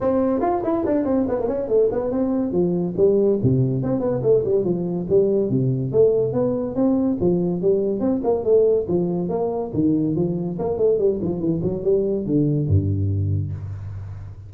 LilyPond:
\new Staff \with { instrumentName = "tuba" } { \time 4/4 \tempo 4 = 142 c'4 f'8 e'8 d'8 c'8 b16 ais16 cis'8 | a8 b8 c'4 f4 g4 | c4 c'8 b8 a8 g8 f4 | g4 c4 a4 b4 |
c'4 f4 g4 c'8 ais8 | a4 f4 ais4 dis4 | f4 ais8 a8 g8 f8 e8 fis8 | g4 d4 g,2 | }